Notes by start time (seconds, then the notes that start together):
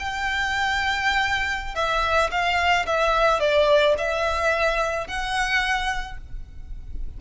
0.00 G5
1.75 E5
2.31 F5
2.87 E5
3.40 D5
3.98 E5
5.08 F#5